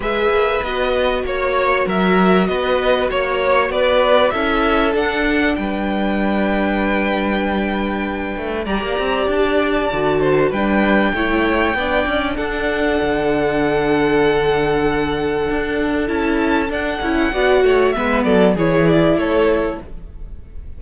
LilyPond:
<<
  \new Staff \with { instrumentName = "violin" } { \time 4/4 \tempo 4 = 97 e''4 dis''4 cis''4 e''4 | dis''4 cis''4 d''4 e''4 | fis''4 g''2.~ | g''2 ais''4 a''4~ |
a''4 g''2. | fis''1~ | fis''2 a''4 fis''4~ | fis''4 e''8 d''8 cis''8 d''8 cis''4 | }
  \new Staff \with { instrumentName = "violin" } { \time 4/4 b'2 cis''4 ais'4 | b'4 cis''4 b'4 a'4~ | a'4 b'2.~ | b'2 d''2~ |
d''8 c''8 b'4 cis''4 d''4 | a'1~ | a'1 | d''8 cis''8 b'8 a'8 gis'4 a'4 | }
  \new Staff \with { instrumentName = "viola" } { \time 4/4 gis'4 fis'2.~ | fis'2. e'4 | d'1~ | d'2 g'2 |
fis'4 d'4 e'4 d'4~ | d'1~ | d'2 e'4 d'8 e'8 | fis'4 b4 e'2 | }
  \new Staff \with { instrumentName = "cello" } { \time 4/4 gis8 ais8 b4 ais4 fis4 | b4 ais4 b4 cis'4 | d'4 g2.~ | g4. a8 g16 ais16 c'8 d'4 |
d4 g4 a4 b8 cis'8 | d'4 d2.~ | d4 d'4 cis'4 d'8 cis'8 | b8 a8 gis8 fis8 e4 a4 | }
>>